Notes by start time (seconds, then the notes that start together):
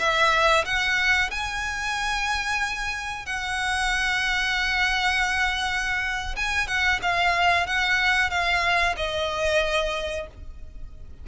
0.00 E5
0.66 F#5
1.31 G#5
3.26 F#5
6.36 G#5
6.68 F#5
7.03 F5
7.67 F#5
8.31 F5
8.97 D#5